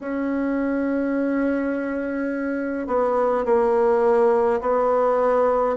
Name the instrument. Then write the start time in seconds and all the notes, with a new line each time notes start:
bassoon
0.01 C#4
2.87 B3
3.45 A#3
4.60 B3